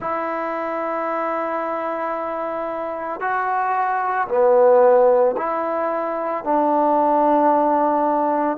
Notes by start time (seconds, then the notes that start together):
0.00 E4
3.20 F#4
4.28 B3
5.37 E4
6.43 D4